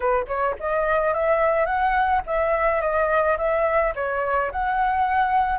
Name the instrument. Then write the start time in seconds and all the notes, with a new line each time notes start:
flute
0.00 B4
0.27 C#5
0.59 D#5
1.13 E5
1.65 F#5
2.26 E5
2.81 D#5
3.37 E5
3.95 C#5
4.51 F#5